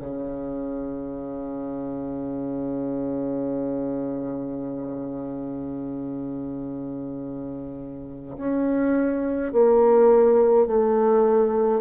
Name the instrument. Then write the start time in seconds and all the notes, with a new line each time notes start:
bassoon
0.00 C#3
8.37 C#4
9.52 A#3
10.67 A3